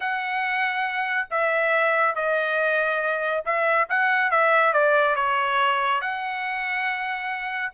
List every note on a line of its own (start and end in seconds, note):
0.00 1.28 F#5
1.30 2.15 E5
2.15 3.43 D#5
3.45 3.87 E5
3.89 4.30 F#5
4.30 4.73 E5
4.73 5.15 D5
5.15 6.01 C#5
6.01 7.72 F#5